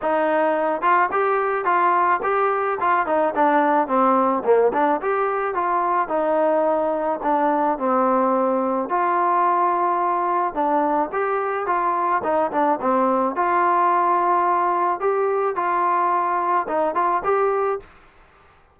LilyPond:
\new Staff \with { instrumentName = "trombone" } { \time 4/4 \tempo 4 = 108 dis'4. f'8 g'4 f'4 | g'4 f'8 dis'8 d'4 c'4 | ais8 d'8 g'4 f'4 dis'4~ | dis'4 d'4 c'2 |
f'2. d'4 | g'4 f'4 dis'8 d'8 c'4 | f'2. g'4 | f'2 dis'8 f'8 g'4 | }